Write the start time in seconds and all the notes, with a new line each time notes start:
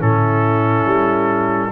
0.00 A2 C#4 E4 A4
0.86 G3